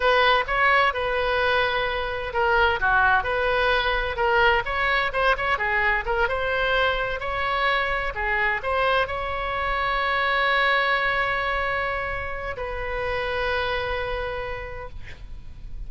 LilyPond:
\new Staff \with { instrumentName = "oboe" } { \time 4/4 \tempo 4 = 129 b'4 cis''4 b'2~ | b'4 ais'4 fis'4 b'4~ | b'4 ais'4 cis''4 c''8 cis''8 | gis'4 ais'8 c''2 cis''8~ |
cis''4. gis'4 c''4 cis''8~ | cis''1~ | cis''2. b'4~ | b'1 | }